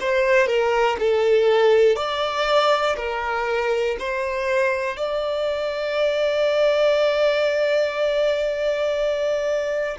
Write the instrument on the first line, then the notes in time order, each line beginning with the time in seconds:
violin
0.00 C5
0.46 A#4
0.99 A4
1.95 D5
2.97 A#4
3.99 C5
4.97 D5